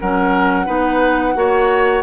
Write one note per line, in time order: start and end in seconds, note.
0.00 0.68 F#3
0.00 0.66 C#4
0.00 0.66 A#4
0.00 2.03 F#5
0.66 1.36 B3
0.66 1.35 D#4
0.66 1.34 B4
1.35 2.03 A#3
1.35 2.03 F#4
1.35 2.03 C#5